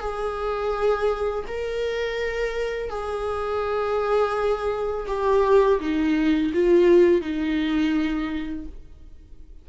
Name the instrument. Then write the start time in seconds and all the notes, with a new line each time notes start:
viola
0.00 G#4
1.47 A#4
2.89 G#4
5.07 G4
5.80 D#4
6.54 F4
7.21 D#4